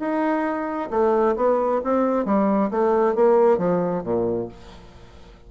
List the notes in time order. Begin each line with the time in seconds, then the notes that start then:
0.00 D#4
0.91 A3
1.37 B3
1.84 C4
2.26 G3
2.71 A3
3.16 A#3
3.59 F3
4.04 A#2